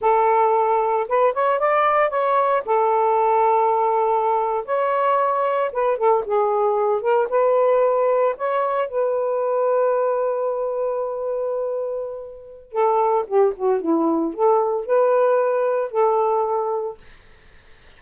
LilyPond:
\new Staff \with { instrumentName = "saxophone" } { \time 4/4 \tempo 4 = 113 a'2 b'8 cis''8 d''4 | cis''4 a'2.~ | a'8. cis''2 b'8 a'8 gis'16~ | gis'4~ gis'16 ais'8 b'2 cis''16~ |
cis''8. b'2.~ b'16~ | b'1 | a'4 g'8 fis'8 e'4 a'4 | b'2 a'2 | }